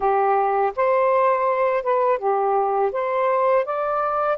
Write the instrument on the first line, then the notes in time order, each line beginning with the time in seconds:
saxophone
0.00 G4
0.75 C5
1.83 B4
2.18 G4
2.91 C5
3.65 D5